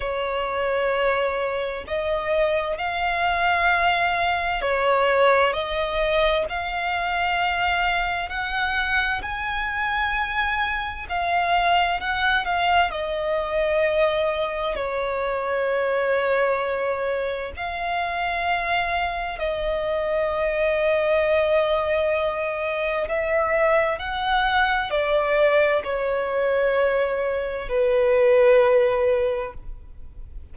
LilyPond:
\new Staff \with { instrumentName = "violin" } { \time 4/4 \tempo 4 = 65 cis''2 dis''4 f''4~ | f''4 cis''4 dis''4 f''4~ | f''4 fis''4 gis''2 | f''4 fis''8 f''8 dis''2 |
cis''2. f''4~ | f''4 dis''2.~ | dis''4 e''4 fis''4 d''4 | cis''2 b'2 | }